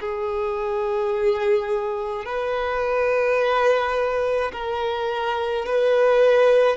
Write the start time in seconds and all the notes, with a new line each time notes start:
0.00 G#4
2.25 B4
4.52 A#4
5.66 B4